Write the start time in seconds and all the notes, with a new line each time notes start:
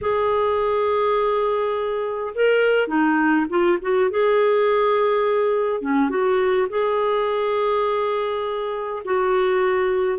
0.01 G#4
2.34 A#4
2.87 D#4
3.49 F4
3.81 F#4
4.10 G#4
5.81 C#4
6.09 F#4
6.69 G#4
9.05 F#4